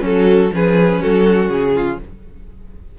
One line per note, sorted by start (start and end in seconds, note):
0.00 0.51 F#3
0.00 0.49 C#4
0.00 0.52 F#4
0.00 0.54 A4
0.52 1.01 F3
0.52 1.98 C#4
0.52 1.01 G#4
0.52 1.02 B4
1.01 1.49 F#3
1.01 1.74 F#4
1.01 1.49 A4
1.49 1.98 C#3
1.49 1.98 G#4
1.74 1.99 F4